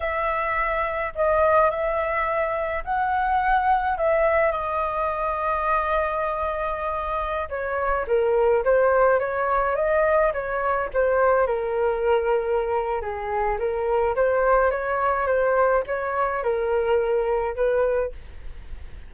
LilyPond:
\new Staff \with { instrumentName = "flute" } { \time 4/4 \tempo 4 = 106 e''2 dis''4 e''4~ | e''4 fis''2 e''4 | dis''1~ | dis''4~ dis''16 cis''4 ais'4 c''8.~ |
c''16 cis''4 dis''4 cis''4 c''8.~ | c''16 ais'2~ ais'8. gis'4 | ais'4 c''4 cis''4 c''4 | cis''4 ais'2 b'4 | }